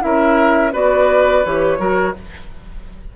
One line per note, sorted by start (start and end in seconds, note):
0.00 0.74 C#4
0.00 0.71 E4
0.00 0.73 A#4
0.00 0.73 E5
0.73 1.45 B3
0.73 1.44 F#4
0.73 1.79 B4
0.73 1.45 D5
1.45 1.79 E3
1.45 1.78 G4
1.45 2.16 C#5
1.78 2.14 F#3
1.78 2.14 F#4
1.78 2.15 A#4